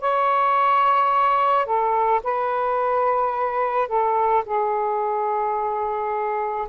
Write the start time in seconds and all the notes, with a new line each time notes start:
0.00 C#5
1.66 A4
2.23 B4
3.88 A4
4.45 G#4